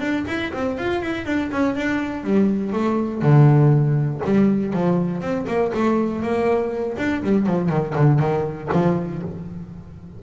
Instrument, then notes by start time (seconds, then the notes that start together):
double bass
0.00 D4
0.27 E4
0.53 C4
0.78 F4
1.02 E4
1.26 D4
1.51 C#4
1.75 D4
2.23 G3
2.73 A3
3.22 D3
4.24 G3
4.73 F3
5.21 C4
5.47 A#3
5.74 A3
6.22 A#3
6.98 D4
7.23 G3
7.46 F3
7.69 D#3
7.95 D3
8.19 D#3
8.73 F3